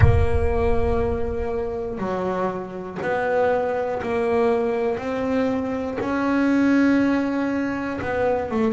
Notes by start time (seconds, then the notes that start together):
0.00 A#3
1.97 F#3
3.02 B3
4.02 A#3
4.98 C4
6.00 C#4
8.01 B3
8.50 A3